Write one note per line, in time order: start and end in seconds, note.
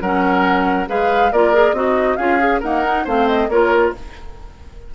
0.00 0.88 F#3
0.00 0.87 C#4
0.00 0.88 A#4
0.00 0.87 F#5
0.87 1.32 G#3
0.87 1.30 G#4
0.87 1.32 B4
0.87 1.32 F5
1.32 1.72 A#3
1.32 1.53 F4
1.32 1.75 A#4
1.32 1.73 D5
1.53 1.75 G#4
1.72 2.16 C4
1.72 2.17 D#4
1.72 2.18 F#4
1.72 2.16 D#5
2.16 2.62 C#4
2.16 2.39 F4
2.16 2.60 G#4
2.16 2.60 F5
2.39 2.61 G#4
2.60 2.85 A#3
2.60 3.06 D#4
2.60 3.03 A#4
2.60 3.06 F#5
2.85 3.06 D#4
3.04 3.48 A3
3.04 3.49 C4
3.04 3.48 C5
3.04 3.28 F5
3.28 3.49 D#5
3.48 3.91 A#3
3.48 3.94 F4
3.48 3.94 A#4
3.48 3.93 C#5